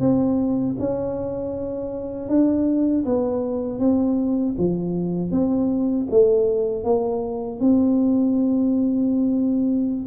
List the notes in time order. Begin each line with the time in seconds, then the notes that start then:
0.00 C4
0.79 C#4
2.29 D4
3.05 B3
3.79 C4
4.58 F3
5.31 C4
6.10 A3
6.84 A#3
7.60 C4